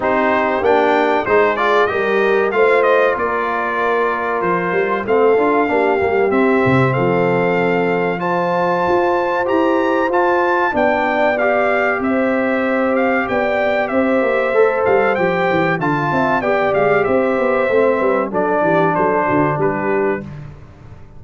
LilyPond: <<
  \new Staff \with { instrumentName = "trumpet" } { \time 4/4 \tempo 4 = 95 c''4 g''4 c''8 d''8 dis''4 | f''8 dis''8 d''2 c''4 | f''2 e''4 f''4~ | f''4 a''2 ais''4 |
a''4 g''4 f''4 e''4~ | e''8 f''8 g''4 e''4. f''8 | g''4 a''4 g''8 f''8 e''4~ | e''4 d''4 c''4 b'4 | }
  \new Staff \with { instrumentName = "horn" } { \time 4/4 g'2 gis'4 ais'4 | c''4 ais'2. | a'4 g'2 a'4~ | a'4 c''2.~ |
c''4 d''2 c''4~ | c''4 d''4 c''2~ | c''4 f''8 e''8 d''4 c''4~ | c''8 b'8 a'8 g'8 a'8 fis'8 g'4 | }
  \new Staff \with { instrumentName = "trombone" } { \time 4/4 dis'4 d'4 dis'8 f'8 g'4 | f'1 | c'8 f'8 d'8 ais8 c'2~ | c'4 f'2 g'4 |
f'4 d'4 g'2~ | g'2. a'4 | g'4 f'4 g'2 | c'4 d'2. | }
  \new Staff \with { instrumentName = "tuba" } { \time 4/4 c'4 ais4 gis4 g4 | a4 ais2 f8 g8 | a8 d'8 ais8 g8 c'8 c8 f4~ | f2 f'4 e'4 |
f'4 b2 c'4~ | c'4 b4 c'8 ais8 a8 g8 | f8 e8 d8 c'8 b8 gis8 c'8 b8 | a8 g8 fis8 e8 fis8 d8 g4 | }
>>